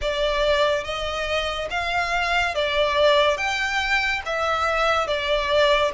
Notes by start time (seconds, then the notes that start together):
0.01 D5
0.83 D#5
1.70 F5
2.54 D5
3.37 G5
4.25 E5
5.07 D5